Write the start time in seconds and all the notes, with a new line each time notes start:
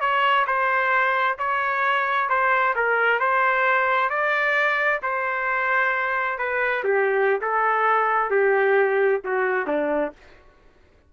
0.00 C#5
0.46 C5
1.38 C#5
2.29 C5
2.75 A#4
3.19 C5
4.09 D5
5.02 C5
6.38 B4
6.84 G4
7.41 A4
8.30 G4
9.24 F#4
9.67 D4